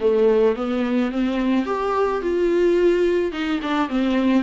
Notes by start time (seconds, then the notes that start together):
0.00 A3
0.56 B3
1.11 C4
1.66 G4
2.21 F4
3.32 D#4
3.62 D4
3.89 C4